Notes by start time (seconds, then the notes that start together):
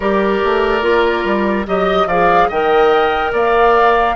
0.00 G3 G4 A#4 D5
0.44 A3
0.81 A#3 F4
1.24 G3
1.66 F#3 G4 D#5
2.06 F3 G#4 D5 F5
2.48 D#3 A#4 D#5 G5
3.32 A#3 D5 F5